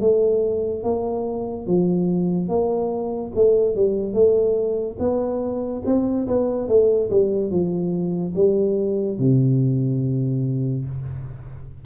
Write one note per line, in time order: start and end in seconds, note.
0.00 0.83 A3
0.83 1.66 A#3
1.66 2.48 F3
2.48 3.31 A#3
3.34 3.75 A3
3.75 4.13 G3
4.13 4.97 A3
4.99 5.82 B3
5.85 6.27 C4
6.27 6.68 B3
6.68 7.09 A3
7.10 7.50 G3
7.50 8.34 F3
8.35 9.18 G3
9.18 10.85 C3